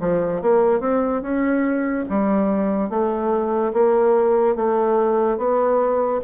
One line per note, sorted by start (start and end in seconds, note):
0.00 0.42 F3
0.42 0.80 A#3
0.80 1.22 C4
1.22 2.05 C#4
2.09 2.90 G3
2.90 3.73 A3
3.73 4.56 A#3
4.56 5.37 A3
5.37 6.21 B3